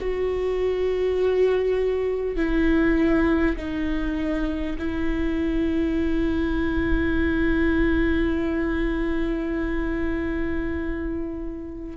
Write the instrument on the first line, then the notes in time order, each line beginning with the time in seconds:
viola
0.00 F#4
2.36 E4
3.56 D#4
4.78 E4